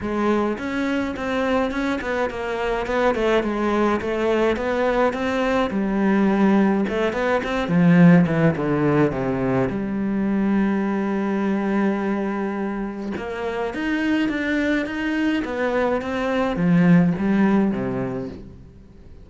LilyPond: \new Staff \with { instrumentName = "cello" } { \time 4/4 \tempo 4 = 105 gis4 cis'4 c'4 cis'8 b8 | ais4 b8 a8 gis4 a4 | b4 c'4 g2 | a8 b8 c'8 f4 e8 d4 |
c4 g2.~ | g2. ais4 | dis'4 d'4 dis'4 b4 | c'4 f4 g4 c4 | }